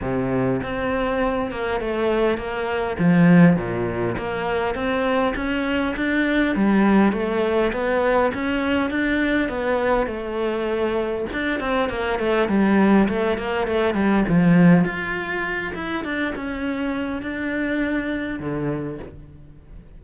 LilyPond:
\new Staff \with { instrumentName = "cello" } { \time 4/4 \tempo 4 = 101 c4 c'4. ais8 a4 | ais4 f4 ais,4 ais4 | c'4 cis'4 d'4 g4 | a4 b4 cis'4 d'4 |
b4 a2 d'8 c'8 | ais8 a8 g4 a8 ais8 a8 g8 | f4 f'4. e'8 d'8 cis'8~ | cis'4 d'2 d4 | }